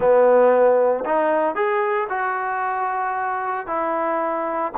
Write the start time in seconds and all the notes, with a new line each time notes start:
0.00 B3
1.05 D#4
1.55 G#4
2.09 F#4
3.67 E4